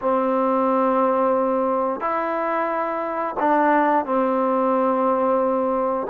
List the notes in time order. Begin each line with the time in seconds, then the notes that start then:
0.01 C4
2.00 E4
3.39 D4
4.04 C4